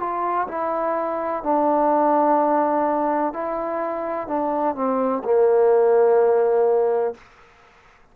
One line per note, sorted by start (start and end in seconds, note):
0.00 0.48 F4
0.48 1.43 E4
1.44 3.33 D4
3.33 4.28 E4
4.28 4.75 D4
4.75 5.23 C4
5.24 7.15 A#3